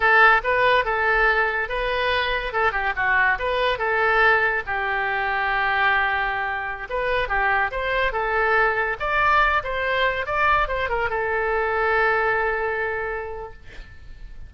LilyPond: \new Staff \with { instrumentName = "oboe" } { \time 4/4 \tempo 4 = 142 a'4 b'4 a'2 | b'2 a'8 g'8 fis'4 | b'4 a'2 g'4~ | g'1~ |
g'16 b'4 g'4 c''4 a'8.~ | a'4~ a'16 d''4. c''4~ c''16~ | c''16 d''4 c''8 ais'8 a'4.~ a'16~ | a'1 | }